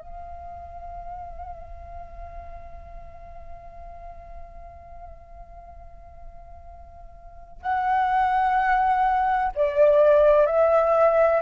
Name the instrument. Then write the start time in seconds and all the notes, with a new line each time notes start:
flute
0.00 F5
7.62 F#5
9.55 D5
10.47 E5